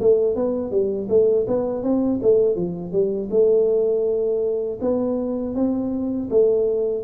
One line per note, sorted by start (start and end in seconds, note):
0.00 0.35 A3
0.35 0.71 B3
0.71 1.08 G3
1.09 1.46 A3
1.47 1.83 B3
1.83 2.20 C4
2.22 2.56 A3
2.56 2.92 F3
2.92 3.29 G3
3.31 4.79 A3
4.81 5.55 B3
5.55 6.29 C4
6.30 7.03 A3